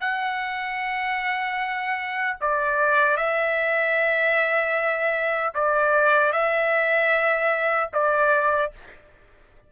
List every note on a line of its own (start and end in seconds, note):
0.00 2.37 F#5
2.41 3.17 D5
3.17 5.54 E5
5.54 6.32 D5
6.32 7.90 E5
7.93 8.72 D5